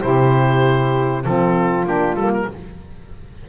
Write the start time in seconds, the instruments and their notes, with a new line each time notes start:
0.00 double bass C3, saxophone E4 G4, oboe C5
1.24 double bass F3, saxophone C4 F4, oboe A4
1.86 double bass A#3, saxophone D4, oboe G4
2.14 double bass G3, saxophone A#3, oboe A4
2.34 oboe A#4